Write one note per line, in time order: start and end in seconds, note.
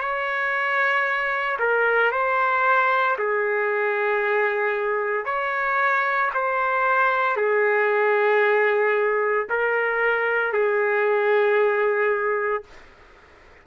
0.00 1.58 C#5
1.60 2.12 A#4
2.12 3.17 C5
3.19 5.25 G#4
5.25 6.31 C#5
6.34 7.37 C5
7.37 9.47 G#4
9.50 10.53 A#4
10.53 12.64 G#4